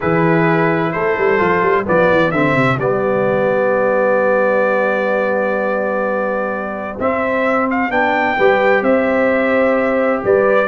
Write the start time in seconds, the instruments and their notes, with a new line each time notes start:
0.00 tuba E3, trombone E4, horn G#4, trumpet B4
0.92 tuba A3, horn A4, trumpet C5
1.17 tuba G3
1.38 tuba F3, trombone F4
1.61 tuba G3
1.84 tuba F3, trombone B3, horn G4, trumpet D5
2.10 tuba E3
2.31 tuba D3, trombone C4, trumpet E5
2.55 tuba C3
2.78 tuba G3, trombone B3, trumpet D5
6.99 trombone C4, tuba C4, trumpet E5
7.70 trumpet F5
7.90 tuba B3, trombone D4, trumpet G5
8.37 tuba G3, trombone G4, horn B4
8.82 tuba C4, horn C5, trumpet E5
10.23 tuba G3, horn B4, trumpet D5